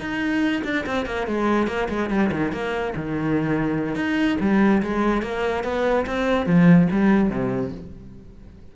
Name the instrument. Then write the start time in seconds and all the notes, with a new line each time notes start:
cello
0.00 D#4
0.65 D4
0.87 C4
1.06 A#3
1.27 G#3
1.68 A#3
1.90 G#3
2.10 G3
2.32 D#3
2.53 A#3
2.96 D#3
3.96 D#4
4.41 G3
4.83 G#3
5.23 A#3
5.64 B3
6.07 C4
6.47 F3
6.92 G3
7.30 C3